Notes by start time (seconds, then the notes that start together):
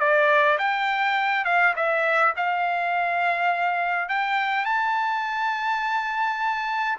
0.00 D5
0.59 G5
1.45 F5
1.76 E5
2.37 F5
4.09 G5
4.66 A5